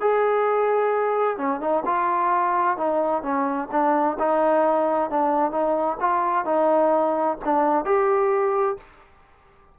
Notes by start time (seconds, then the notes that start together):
0.00 G#4
1.37 C#4
1.60 D#4
1.85 F4
2.77 D#4
3.22 C#4
3.71 D4
4.19 D#4
5.10 D4
5.51 D#4
6.00 F4
6.45 D#4
7.44 D4
7.84 G4